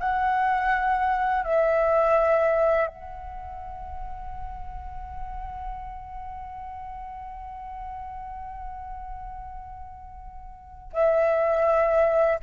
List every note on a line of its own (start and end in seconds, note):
0.00 1.44 F#5
1.44 2.87 E5
2.87 10.92 F#5
10.93 12.40 E5